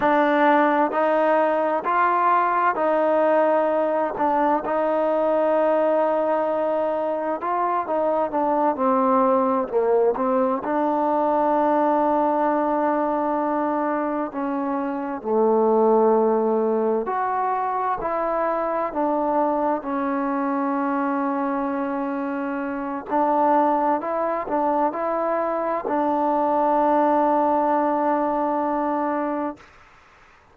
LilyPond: \new Staff \with { instrumentName = "trombone" } { \time 4/4 \tempo 4 = 65 d'4 dis'4 f'4 dis'4~ | dis'8 d'8 dis'2. | f'8 dis'8 d'8 c'4 ais8 c'8 d'8~ | d'2.~ d'8 cis'8~ |
cis'8 a2 fis'4 e'8~ | e'8 d'4 cis'2~ cis'8~ | cis'4 d'4 e'8 d'8 e'4 | d'1 | }